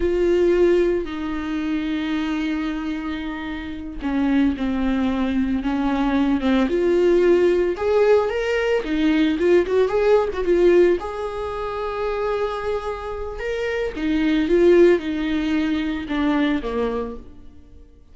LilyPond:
\new Staff \with { instrumentName = "viola" } { \time 4/4 \tempo 4 = 112 f'2 dis'2~ | dis'2.~ dis'8 cis'8~ | cis'8 c'2 cis'4. | c'8 f'2 gis'4 ais'8~ |
ais'8 dis'4 f'8 fis'8 gis'8. fis'16 f'8~ | f'8 gis'2.~ gis'8~ | gis'4 ais'4 dis'4 f'4 | dis'2 d'4 ais4 | }